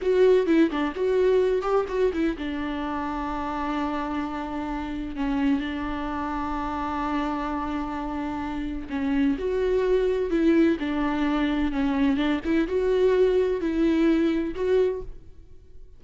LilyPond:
\new Staff \with { instrumentName = "viola" } { \time 4/4 \tempo 4 = 128 fis'4 e'8 d'8 fis'4. g'8 | fis'8 e'8 d'2.~ | d'2. cis'4 | d'1~ |
d'2. cis'4 | fis'2 e'4 d'4~ | d'4 cis'4 d'8 e'8 fis'4~ | fis'4 e'2 fis'4 | }